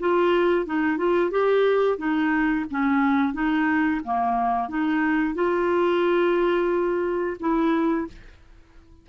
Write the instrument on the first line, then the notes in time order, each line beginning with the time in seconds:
clarinet
0.00 F4
0.66 D#4
0.97 F4
1.31 G4
1.98 D#4
2.71 C#4
3.34 D#4
4.04 A#3
4.69 D#4
5.35 F4
7.40 E4